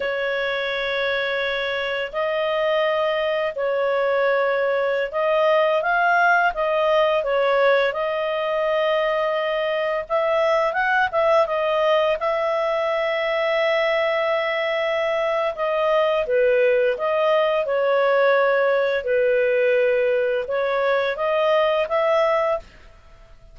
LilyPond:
\new Staff \with { instrumentName = "clarinet" } { \time 4/4 \tempo 4 = 85 cis''2. dis''4~ | dis''4 cis''2~ cis''16 dis''8.~ | dis''16 f''4 dis''4 cis''4 dis''8.~ | dis''2~ dis''16 e''4 fis''8 e''16~ |
e''16 dis''4 e''2~ e''8.~ | e''2 dis''4 b'4 | dis''4 cis''2 b'4~ | b'4 cis''4 dis''4 e''4 | }